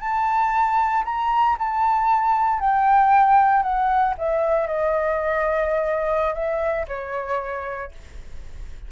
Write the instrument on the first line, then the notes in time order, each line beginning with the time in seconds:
flute
0.00 A5
1.04 A#5
1.58 A5
2.59 G5
3.62 F#5
4.18 E5
4.67 D#5
6.34 E5
6.87 C#5